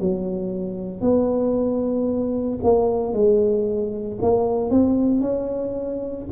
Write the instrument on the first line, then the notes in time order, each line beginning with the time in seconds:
tuba
0.00 F#3
1.01 B3
2.63 A#3
3.13 G#3
4.21 A#3
4.70 C4
5.21 C#4